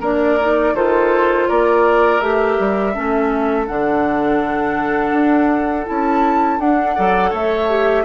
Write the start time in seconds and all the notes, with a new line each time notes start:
0.00 A#3 D4 A#4 D5
0.40 D#4
0.74 D#3 F4 A4 C5
1.48 A#3 A#4 D5
2.20 A3 G4 E5
2.59 G3
2.93 A3 C#4 A4
3.67 D3 D4 F#5
5.12 D4
5.86 C#4 E4 A5
6.59 D4 F#5
6.95 F#3 A4 D5
7.30 A3 C#5 E5
7.69 G4